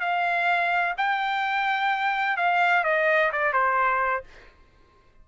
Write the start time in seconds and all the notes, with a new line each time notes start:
0.00 F5
0.97 G5
2.37 F5
2.84 D#5
3.32 D5
3.53 C5